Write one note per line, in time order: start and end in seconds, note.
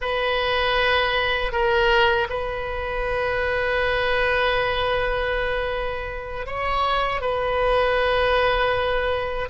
0.01 1.52 B4
1.52 2.28 A#4
2.29 6.46 B4
6.46 7.21 C#5
7.21 9.49 B4